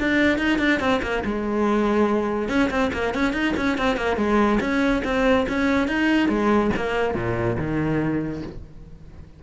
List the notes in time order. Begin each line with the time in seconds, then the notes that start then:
0.00 D4
0.39 D#4
0.59 D4
0.80 C4
1.03 A#3
1.25 G#3
2.49 C#4
2.70 C4
2.93 A#3
3.15 C#4
3.34 D#4
3.57 C#4
3.78 C4
3.97 A#3
4.17 G#3
4.61 C#4
5.05 C4
5.49 C#4
5.88 D#4
6.29 G#3
6.77 A#3
7.15 A#2
7.58 D#3